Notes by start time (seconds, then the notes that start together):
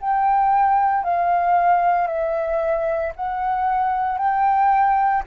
0.00 G5
1.03 F5
2.07 E5
3.15 F#5
4.18 G5